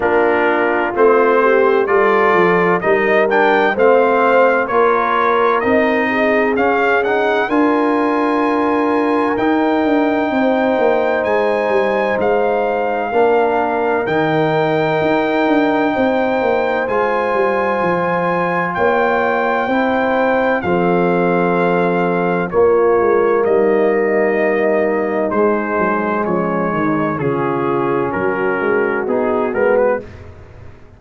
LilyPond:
<<
  \new Staff \with { instrumentName = "trumpet" } { \time 4/4 \tempo 4 = 64 ais'4 c''4 d''4 dis''8 g''8 | f''4 cis''4 dis''4 f''8 fis''8 | gis''2 g''2 | gis''4 f''2 g''4~ |
g''2 gis''2 | g''2 f''2 | cis''4 dis''2 c''4 | cis''4 gis'4 ais'4 gis'8 ais'16 b'16 | }
  \new Staff \with { instrumentName = "horn" } { \time 4/4 f'4. g'8 a'4 ais'4 | c''4 ais'4. gis'4. | ais'2. c''4~ | c''2 ais'2~ |
ais'4 c''2. | cis''4 c''4 a'2 | f'4 dis'2. | cis'8 dis'8 f'4 fis'2 | }
  \new Staff \with { instrumentName = "trombone" } { \time 4/4 d'4 c'4 f'4 dis'8 d'8 | c'4 f'4 dis'4 cis'8 dis'8 | f'2 dis'2~ | dis'2 d'4 dis'4~ |
dis'2 f'2~ | f'4 e'4 c'2 | ais2. gis4~ | gis4 cis'2 dis'8 b8 | }
  \new Staff \with { instrumentName = "tuba" } { \time 4/4 ais4 a4 g8 f8 g4 | a4 ais4 c'4 cis'4 | d'2 dis'8 d'8 c'8 ais8 | gis8 g8 gis4 ais4 dis4 |
dis'8 d'8 c'8 ais8 gis8 g8 f4 | ais4 c'4 f2 | ais8 gis8 g2 gis8 fis8 | f8 dis8 cis4 fis8 gis8 b8 gis8 | }
>>